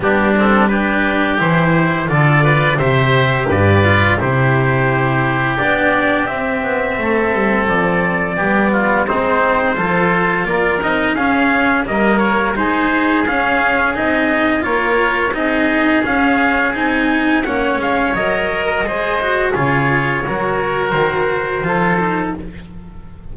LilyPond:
<<
  \new Staff \with { instrumentName = "trumpet" } { \time 4/4 \tempo 4 = 86 g'8 a'8 b'4 c''4 d''4 | e''4 d''4 c''2 | d''4 e''2 d''4~ | d''4 c''2 d''8 dis''8 |
f''4 dis''8 cis''8 c''4 f''4 | dis''4 cis''4 dis''4 f''4 | gis''4 fis''8 f''8 dis''2 | cis''2 c''2 | }
  \new Staff \with { instrumentName = "oboe" } { \time 4/4 d'4 g'2 a'8 b'8 | c''4 b'4 g'2~ | g'2 a'2 | g'8 f'8 dis'4 a'4 ais'4 |
gis'4 ais'4 gis'2~ | gis'4 ais'4 gis'2~ | gis'4 cis''4.~ cis''16 ais'16 c''4 | gis'4 ais'2 a'4 | }
  \new Staff \with { instrumentName = "cello" } { \time 4/4 b8 c'8 d'4 e'4 f'4 | g'4. f'8 e'2 | d'4 c'2. | b4 c'4 f'4. dis'8 |
cis'4 ais4 dis'4 cis'4 | dis'4 f'4 dis'4 cis'4 | dis'4 cis'4 ais'4 gis'8 fis'8 | f'4 fis'2 f'8 dis'8 | }
  \new Staff \with { instrumentName = "double bass" } { \time 4/4 g2 e4 d4 | c4 g,4 c2 | b4 c'8 b8 a8 g8 f4 | g4 gis4 f4 ais8 c'8 |
cis'4 g4 gis4 cis'4 | c'4 ais4 c'4 cis'4 | c'4 ais8 gis8 fis4 gis4 | cis4 fis4 dis4 f4 | }
>>